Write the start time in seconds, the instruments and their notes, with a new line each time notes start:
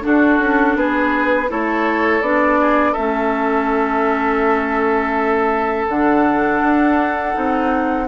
0.00 clarinet D4, bassoon D4, oboe F#4, flute A4
0.39 bassoon C#4
0.76 bassoon B3, oboe G#4, flute B4
1.48 bassoon A3, clarinet E4, oboe A4, flute C#5
2.21 bassoon B3, clarinet D4, flute D5
2.60 oboe G#4
2.92 bassoon A3, clarinet C#4, oboe A4, flute E5
5.88 bassoon D3, clarinet D4, flute F#5
6.62 bassoon D4
7.33 bassoon C4, clarinet D#4